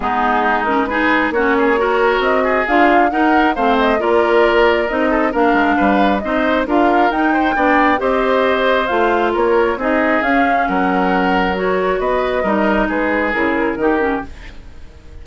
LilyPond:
<<
  \new Staff \with { instrumentName = "flute" } { \time 4/4 \tempo 4 = 135 gis'4. ais'8 b'4 cis''4~ | cis''4 dis''4 f''4 fis''4 | f''8 dis''8 d''2 dis''4 | f''2 dis''4 f''4 |
g''2 dis''2 | f''4 cis''4 dis''4 f''4 | fis''2 cis''4 dis''4~ | dis''4 b'4 ais'2 | }
  \new Staff \with { instrumentName = "oboe" } { \time 4/4 dis'2 gis'4 fis'8 gis'8 | ais'4. gis'4. ais'4 | c''4 ais'2~ ais'8 a'8 | ais'4 b'4 c''4 ais'4~ |
ais'8 c''8 d''4 c''2~ | c''4 ais'4 gis'2 | ais'2. b'4 | ais'4 gis'2 g'4 | }
  \new Staff \with { instrumentName = "clarinet" } { \time 4/4 b4. cis'8 dis'4 cis'4 | fis'2 f'4 dis'4 | c'4 f'2 dis'4 | d'2 dis'4 f'4 |
dis'4 d'4 g'2 | f'2 dis'4 cis'4~ | cis'2 fis'2 | dis'2 e'4 dis'8 cis'8 | }
  \new Staff \with { instrumentName = "bassoon" } { \time 4/4 gis2. ais4~ | ais4 c'4 d'4 dis'4 | a4 ais2 c'4 | ais8 gis8 g4 c'4 d'4 |
dis'4 b4 c'2 | a4 ais4 c'4 cis'4 | fis2. b4 | g4 gis4 cis4 dis4 | }
>>